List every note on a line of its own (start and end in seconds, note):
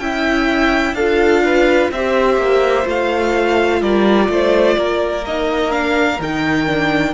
0.00 0.93 C#4
0.00 0.97 E4
0.00 0.96 E5
0.00 0.95 G5
0.93 1.89 D4
0.93 1.95 F4
0.93 1.44 A4
0.93 1.90 F5
1.44 1.92 B4
1.91 2.37 C4
1.91 2.84 G4
1.91 3.81 C5
1.91 2.87 E5
2.37 2.85 A#3
2.84 3.81 A3
2.84 5.22 F4
2.84 3.82 F5
3.81 4.29 G3
3.81 4.29 A#4
3.81 5.25 D5
4.29 4.77 A3
4.29 4.78 C5
4.78 6.19 A#3
4.78 7.14 A#4
5.26 5.71 D#4
5.26 5.72 D#5
5.71 6.18 D4
5.71 6.20 F5
6.19 7.14 D#3
6.19 6.66 D#4
6.19 7.14 G5
6.66 7.14 D4